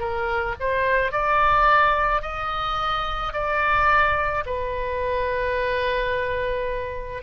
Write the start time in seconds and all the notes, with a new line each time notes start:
0.00 A#4
0.60 C5
1.12 D5
2.22 D#5
3.34 D5
4.46 B4